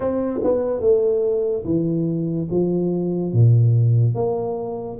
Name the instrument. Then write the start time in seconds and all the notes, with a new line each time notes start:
tuba
0.00 C4
0.43 B3
0.80 A3
1.64 E3
2.50 F3
3.32 A#2
4.14 A#3